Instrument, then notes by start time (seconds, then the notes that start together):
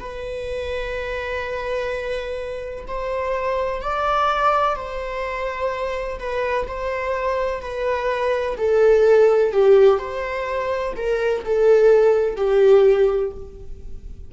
viola
0.00 B4
2.88 C5
3.82 D5
4.76 C5
6.19 B4
6.68 C5
7.61 B4
8.57 A4
9.52 G4
9.99 C5
10.97 A#4
11.45 A4
12.36 G4